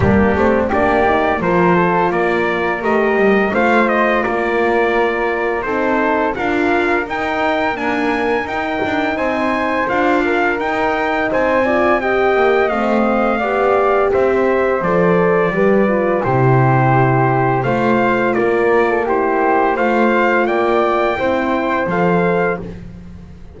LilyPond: <<
  \new Staff \with { instrumentName = "trumpet" } { \time 4/4 \tempo 4 = 85 g'4 d''4 c''4 d''4 | dis''4 f''8 dis''8 d''2 | c''4 f''4 g''4 gis''4 | g''4 gis''4 f''4 g''4 |
gis''4 g''4 f''2 | e''4 d''2 c''4~ | c''4 f''4 d''4 c''4 | f''4 g''2 f''4 | }
  \new Staff \with { instrumentName = "flute" } { \time 4/4 d'4 g'4 ais'8 a'8 ais'4~ | ais'4 c''4 ais'2 | a'4 ais'2.~ | ais'4 c''4. ais'4. |
c''8 d''8 dis''2 d''4 | c''2 b'4 g'4~ | g'4 c''4 ais'8. a'16 g'4 | c''4 d''4 c''2 | }
  \new Staff \with { instrumentName = "horn" } { \time 4/4 ais8 c'8 d'8 dis'8 f'2 | g'4 f'2. | dis'4 f'4 dis'4 ais4 | dis'2 f'4 dis'4~ |
dis'8 f'8 g'4 c'4 g'4~ | g'4 a'4 g'8 f'8 e'4~ | e'4 f'2 e'4 | f'2 e'4 a'4 | }
  \new Staff \with { instrumentName = "double bass" } { \time 4/4 g8 a8 ais4 f4 ais4 | a8 g8 a4 ais2 | c'4 d'4 dis'4 d'4 | dis'8 d'8 c'4 d'4 dis'4 |
c'4. ais8 a4 b4 | c'4 f4 g4 c4~ | c4 a4 ais2 | a4 ais4 c'4 f4 | }
>>